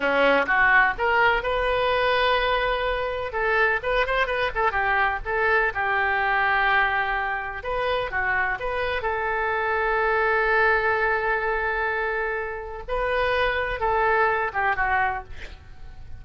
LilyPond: \new Staff \with { instrumentName = "oboe" } { \time 4/4 \tempo 4 = 126 cis'4 fis'4 ais'4 b'4~ | b'2. a'4 | b'8 c''8 b'8 a'8 g'4 a'4 | g'1 |
b'4 fis'4 b'4 a'4~ | a'1~ | a'2. b'4~ | b'4 a'4. g'8 fis'4 | }